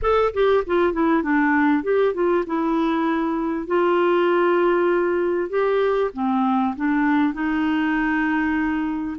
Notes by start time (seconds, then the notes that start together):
0.02 A4
0.33 G4
0.66 F4
0.92 E4
1.22 D4
1.83 G4
2.13 F4
2.46 E4
3.67 F4
5.49 G4
6.13 C4
6.76 D4
7.33 D#4